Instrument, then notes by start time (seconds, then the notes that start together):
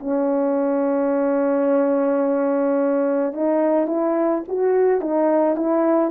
horn
0.00 C#4
3.33 D#4
3.87 E4
4.48 F#4
5.01 D#4
5.56 E4